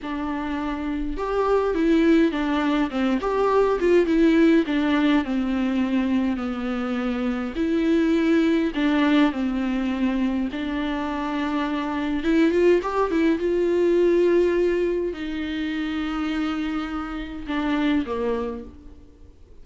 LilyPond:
\new Staff \with { instrumentName = "viola" } { \time 4/4 \tempo 4 = 103 d'2 g'4 e'4 | d'4 c'8 g'4 f'8 e'4 | d'4 c'2 b4~ | b4 e'2 d'4 |
c'2 d'2~ | d'4 e'8 f'8 g'8 e'8 f'4~ | f'2 dis'2~ | dis'2 d'4 ais4 | }